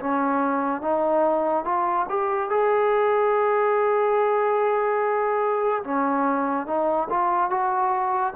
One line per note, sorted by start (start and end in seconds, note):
0.00 0.81 C#4
0.81 1.64 D#4
1.64 2.06 F4
2.09 2.50 G4
2.50 5.83 G#4
5.84 6.67 C#4
6.67 7.08 D#4
7.10 7.50 F4
7.50 8.33 F#4